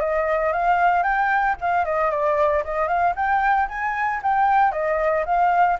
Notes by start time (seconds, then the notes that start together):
0.00 D#5
0.53 F5
1.03 G5
1.61 F5
1.85 D#5
2.11 D5
2.64 D#5
2.88 F5
3.16 G5
3.69 G#5
4.23 G5
4.72 D#5
5.26 F5